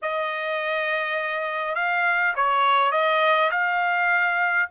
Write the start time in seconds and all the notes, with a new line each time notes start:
0.02 D#5
1.75 F5
2.35 C#5
2.91 D#5
3.51 F5